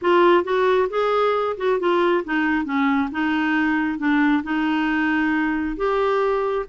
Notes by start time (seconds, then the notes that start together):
0.01 F4
0.44 F#4
0.89 G#4
1.57 F#4
1.79 F4
2.24 D#4
2.64 C#4
3.11 D#4
3.98 D4
4.43 D#4
5.76 G4